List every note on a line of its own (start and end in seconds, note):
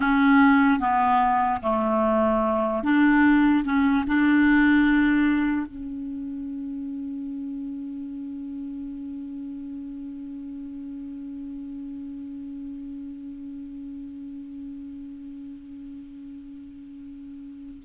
0.00 0.79 C#4
0.79 1.60 B3
1.62 2.83 A3
2.83 3.64 D4
3.64 4.05 C#4
4.07 5.66 D4
5.66 17.82 C#4